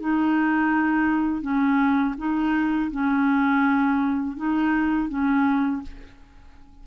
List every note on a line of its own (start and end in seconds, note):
0.00 1.41 D#4
1.41 2.15 C#4
2.18 2.91 D#4
2.91 4.37 C#4
4.37 5.09 D#4
5.09 5.82 C#4